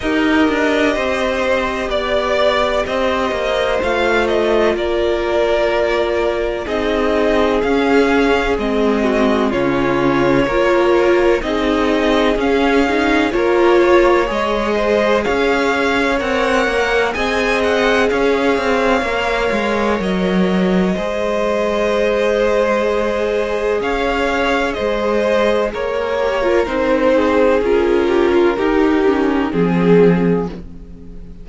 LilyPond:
<<
  \new Staff \with { instrumentName = "violin" } { \time 4/4 \tempo 4 = 63 dis''2 d''4 dis''4 | f''8 dis''8 d''2 dis''4 | f''4 dis''4 cis''2 | dis''4 f''4 cis''4 dis''4 |
f''4 fis''4 gis''8 fis''8 f''4~ | f''4 dis''2.~ | dis''4 f''4 dis''4 cis''4 | c''4 ais'2 gis'4 | }
  \new Staff \with { instrumentName = "violin" } { \time 4/4 ais'4 c''4 d''4 c''4~ | c''4 ais'2 gis'4~ | gis'4. fis'8 f'4 ais'4 | gis'2 ais'8 cis''4 c''8 |
cis''2 dis''4 cis''4~ | cis''2 c''2~ | c''4 cis''4 c''4 ais'4~ | ais'8 gis'4 g'16 f'16 g'4 gis'4 | }
  \new Staff \with { instrumentName = "viola" } { \time 4/4 g'1 | f'2. dis'4 | cis'4 c'4 cis'4 f'4 | dis'4 cis'8 dis'8 f'4 gis'4~ |
gis'4 ais'4 gis'2 | ais'2 gis'2~ | gis'2.~ gis'8 g'16 f'16 | dis'4 f'4 dis'8 cis'8 c'4 | }
  \new Staff \with { instrumentName = "cello" } { \time 4/4 dis'8 d'8 c'4 b4 c'8 ais8 | a4 ais2 c'4 | cis'4 gis4 cis4 ais4 | c'4 cis'4 ais4 gis4 |
cis'4 c'8 ais8 c'4 cis'8 c'8 | ais8 gis8 fis4 gis2~ | gis4 cis'4 gis4 ais4 | c'4 cis'4 dis'4 f4 | }
>>